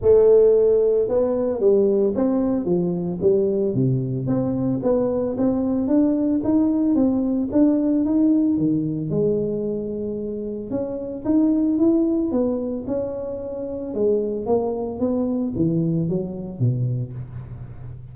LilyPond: \new Staff \with { instrumentName = "tuba" } { \time 4/4 \tempo 4 = 112 a2 b4 g4 | c'4 f4 g4 c4 | c'4 b4 c'4 d'4 | dis'4 c'4 d'4 dis'4 |
dis4 gis2. | cis'4 dis'4 e'4 b4 | cis'2 gis4 ais4 | b4 e4 fis4 b,4 | }